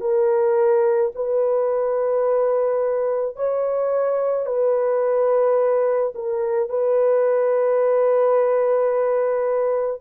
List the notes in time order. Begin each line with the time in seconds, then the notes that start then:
0.00 A#4
1.15 B4
3.36 C#5
4.46 B4
6.15 A#4
6.69 B4